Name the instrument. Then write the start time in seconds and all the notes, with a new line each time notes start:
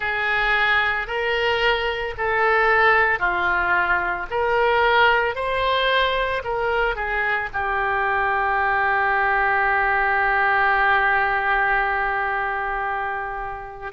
oboe
0.00 G#4
1.07 A#4
2.17 A4
3.19 F4
4.30 A#4
5.35 C5
6.43 A#4
6.95 G#4
7.53 G4